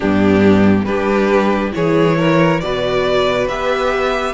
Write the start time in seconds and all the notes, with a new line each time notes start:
0.00 G2 B3 D4 G4
0.84 G3 D4 G4 B4
1.71 E3 E4 G#4 C#5
2.18 A#4
2.60 B2 F#4 B4 D5
3.48 B3 G4 E5